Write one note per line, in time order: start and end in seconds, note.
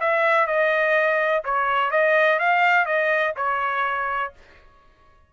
0.00 0.47 E5
0.47 1.44 D#5
1.45 1.91 C#5
1.91 2.40 D#5
2.40 2.86 F5
2.86 3.34 D#5
3.37 4.33 C#5